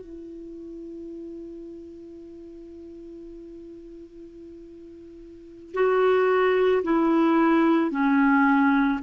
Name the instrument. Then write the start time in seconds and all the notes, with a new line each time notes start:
clarinet
0.00 E4
5.73 F#4
6.83 E4
7.90 C#4